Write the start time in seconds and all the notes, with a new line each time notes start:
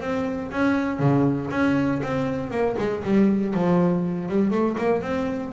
0.00 C4
0.51 C#4
0.99 C#3
1.51 C#4
2.03 C4
2.50 A#3
2.78 G#3
3.03 G3
3.54 F3
4.29 G3
4.51 A3
4.78 A#3
5.01 C4